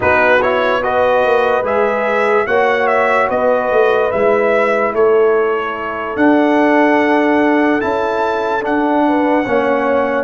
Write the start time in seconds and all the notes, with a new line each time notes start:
0.00 B3 D#4 F#4 B4
0.41 E4 C#5
0.82 F#4 B4 D#5
1.25 A#3
1.62 G#3 G#4 E5
2.46 A#3 F#4 C#5 F#5
2.87 E5
3.28 B3 B4 D#5
3.71 A3
4.11 G#3 E4 E5
4.93 A3 A4 C#5
6.16 D4 F#5
7.80 C#4 E4 A5
8.61 D4 F#5
9.07 B4
9.43 A#3 C#4 C#5